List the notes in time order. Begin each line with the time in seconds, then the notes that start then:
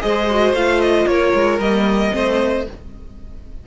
0.00 G#3 G#4 C5 D#5
0.30 F#4
0.53 A3 F4 F5
0.81 D#5
1.06 A#3 A#4 C#5
1.33 G#3
1.59 G3 A#3 D#5
2.11 A3 C4 C5